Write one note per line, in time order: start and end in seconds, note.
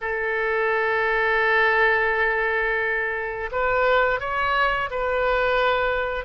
0.01 3.50 A4
3.51 4.20 B4
4.20 4.89 C#5
4.90 6.25 B4